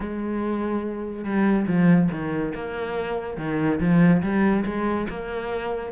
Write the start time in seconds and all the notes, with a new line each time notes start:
0.00 G#3
1.24 G3
1.67 F3
2.11 D#3
2.54 A#3
3.37 D#3
3.80 F3
4.22 G3
4.65 G#3
5.09 A#3